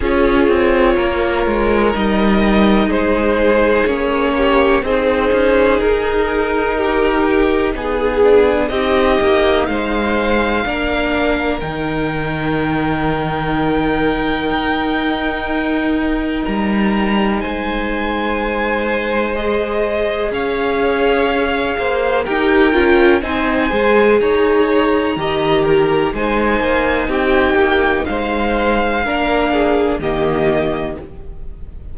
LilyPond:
<<
  \new Staff \with { instrumentName = "violin" } { \time 4/4 \tempo 4 = 62 cis''2 dis''4 c''4 | cis''4 c''4 ais'2 | gis'4 dis''4 f''2 | g''1~ |
g''4 ais''4 gis''2 | dis''4 f''2 g''4 | gis''4 ais''2 gis''4 | g''4 f''2 dis''4 | }
  \new Staff \with { instrumentName = "violin" } { \time 4/4 gis'4 ais'2 gis'4~ | gis'8 g'8 gis'2 g'4 | gis'4 g'4 c''4 ais'4~ | ais'1~ |
ais'2 c''2~ | c''4 cis''4. c''8 ais'4 | c''4 cis''4 dis''8 ais'8 c''4 | g'4 c''4 ais'8 gis'8 g'4 | }
  \new Staff \with { instrumentName = "viola" } { \time 4/4 f'2 dis'2 | cis'4 dis'2.~ | dis'8 d'8 dis'2 d'4 | dis'1~ |
dis'1 | gis'2. g'8 f'8 | dis'8 gis'4. g'4 dis'4~ | dis'2 d'4 ais4 | }
  \new Staff \with { instrumentName = "cello" } { \time 4/4 cis'8 c'8 ais8 gis8 g4 gis4 | ais4 c'8 cis'8 dis'2 | b4 c'8 ais8 gis4 ais4 | dis2. dis'4~ |
dis'4 g4 gis2~ | gis4 cis'4. ais8 dis'8 cis'8 | c'8 gis8 dis'4 dis4 gis8 ais8 | c'8 ais8 gis4 ais4 dis4 | }
>>